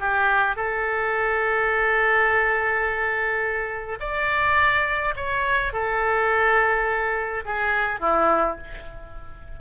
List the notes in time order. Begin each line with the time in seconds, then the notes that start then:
0.00 G4
0.56 A4
4.01 D5
5.16 C#5
5.73 A4
7.46 G#4
8.00 E4